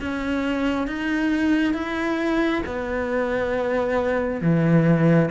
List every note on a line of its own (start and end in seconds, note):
0.00 0.87 C#4
0.87 1.74 D#4
1.74 2.62 E4
2.66 4.41 B3
4.41 5.29 E3